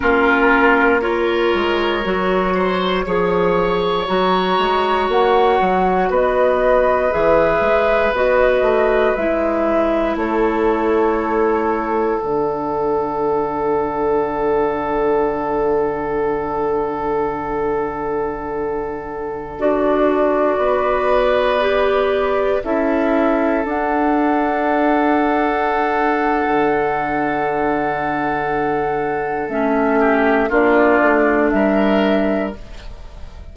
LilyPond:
<<
  \new Staff \with { instrumentName = "flute" } { \time 4/4 \tempo 4 = 59 ais'4 cis''2. | ais''4 fis''4 dis''4 e''4 | dis''4 e''4 cis''2 | fis''1~ |
fis''2.~ fis''16 d''8.~ | d''2~ d''16 e''4 fis''8.~ | fis''1~ | fis''4 e''4 d''4 e''4 | }
  \new Staff \with { instrumentName = "oboe" } { \time 4/4 f'4 ais'4. c''8 cis''4~ | cis''2 b'2~ | b'2 a'2~ | a'1~ |
a'1~ | a'16 b'2 a'4.~ a'16~ | a'1~ | a'4. g'8 f'4 ais'4 | }
  \new Staff \with { instrumentName = "clarinet" } { \time 4/4 cis'4 f'4 fis'4 gis'4 | fis'2. gis'4 | fis'4 e'2. | d'1~ |
d'2.~ d'16 fis'8.~ | fis'4~ fis'16 g'4 e'4 d'8.~ | d'1~ | d'4 cis'4 d'2 | }
  \new Staff \with { instrumentName = "bassoon" } { \time 4/4 ais4. gis8 fis4 f4 | fis8 gis8 ais8 fis8 b4 e8 gis8 | b8 a8 gis4 a2 | d1~ |
d2.~ d16 d'8.~ | d'16 b2 cis'4 d'8.~ | d'2 d2~ | d4 a4 ais8 a8 g4 | }
>>